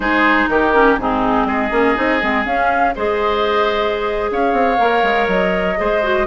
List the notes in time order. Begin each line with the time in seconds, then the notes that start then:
0.00 G#3 D#4 G#4 C5
0.49 D#3 G4 A#4
0.74 C#4
0.97 G#2 C4 D#4 G#4
1.45 G#3 G#4 D#5
1.70 A#3 C#4
1.95 C4 D#4
2.20 G#3 C4
2.45 C#4 F5
2.95 G#3 G#4 C5 D#5
4.31 C#4 C#5 F5
4.52 C4
4.77 A#3 A#4
5.02 G#3
5.27 F#3 D#5
5.77 G#3 G#4 C5
6.03 F#4